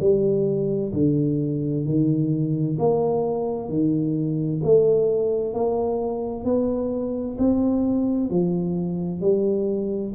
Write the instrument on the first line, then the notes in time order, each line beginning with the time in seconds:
tuba
0.00 G3
0.93 D3
1.85 D#3
2.79 A#3
3.69 D#3
4.63 A3
5.53 A#3
6.44 B3
7.38 C4
8.30 F3
9.21 G3